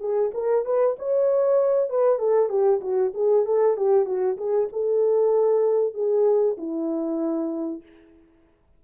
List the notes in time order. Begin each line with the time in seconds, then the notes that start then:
0.00 G#4
0.34 A#4
0.66 B4
0.99 C#5
1.90 B4
2.19 A4
2.49 G4
2.81 F#4
3.14 G#4
3.46 A4
3.77 G4
4.06 F#4
4.38 G#4
4.73 A4
5.94 G#4
6.58 E4